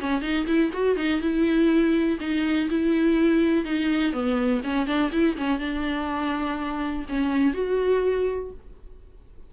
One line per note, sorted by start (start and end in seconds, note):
0.00 0.22 C#4
0.22 0.46 D#4
0.46 0.71 E4
0.73 0.96 F#4
0.96 1.20 D#4
1.20 2.18 E4
2.20 2.69 D#4
2.70 3.65 E4
3.65 4.12 D#4
4.12 4.61 B3
4.63 4.86 C#4
4.86 5.11 D4
5.12 5.36 E4
5.37 5.59 C#4
5.59 7.05 D4
7.09 7.54 C#4
7.54 8.51 F#4